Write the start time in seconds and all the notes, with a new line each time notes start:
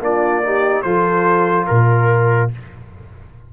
0.00 A#3 D4 F4 D5
0.43 D#4 G4
0.82 F3 F4 A4 C5
1.66 A#2 A#4